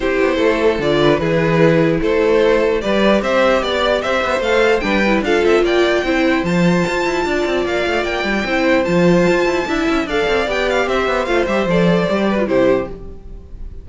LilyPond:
<<
  \new Staff \with { instrumentName = "violin" } { \time 4/4 \tempo 4 = 149 c''2 d''4 b'4~ | b'4 c''2 d''4 | e''4 d''4 e''4 f''4 | g''4 f''8 e''8 g''2 |
a''2. f''4 | g''2 a''2~ | a''4 f''4 g''8 f''8 e''4 | f''8 e''8 d''2 c''4 | }
  \new Staff \with { instrumentName = "violin" } { \time 4/4 g'4 a'4. b'8 gis'4~ | gis'4 a'2 b'4 | c''4 d''4 c''2 | b'4 a'4 d''4 c''4~ |
c''2 d''2~ | d''4 c''2. | e''4 d''2 c''4~ | c''2~ c''8 b'8 g'4 | }
  \new Staff \with { instrumentName = "viola" } { \time 4/4 e'2 f'4 e'4~ | e'2. g'4~ | g'2. a'4 | d'8 e'8 f'2 e'4 |
f'1~ | f'4 e'4 f'2 | e'4 a'4 g'2 | f'8 g'8 a'4 g'8. f'16 e'4 | }
  \new Staff \with { instrumentName = "cello" } { \time 4/4 c'8 b8 a4 d4 e4~ | e4 a2 g4 | c'4 b4 c'8 b8 a4 | g4 d'8 c'8 ais4 c'4 |
f4 f'8 e'8 d'8 c'8 ais8 a8 | ais8 g8 c'4 f4 f'8 e'8 | d'8 cis'8 d'8 c'8 b4 c'8 b8 | a8 g8 f4 g4 c4 | }
>>